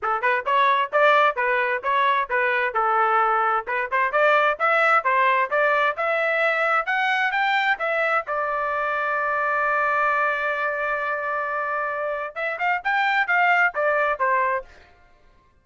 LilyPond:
\new Staff \with { instrumentName = "trumpet" } { \time 4/4 \tempo 4 = 131 a'8 b'8 cis''4 d''4 b'4 | cis''4 b'4 a'2 | b'8 c''8 d''4 e''4 c''4 | d''4 e''2 fis''4 |
g''4 e''4 d''2~ | d''1~ | d''2. e''8 f''8 | g''4 f''4 d''4 c''4 | }